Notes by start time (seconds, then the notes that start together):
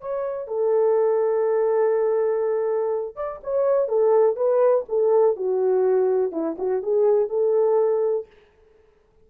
0.00 C#5
0.47 A4
3.15 D5
3.43 C#5
3.88 A4
4.36 B4
4.88 A4
5.36 F#4
6.31 E4
6.58 F#4
6.82 G#4
7.28 A4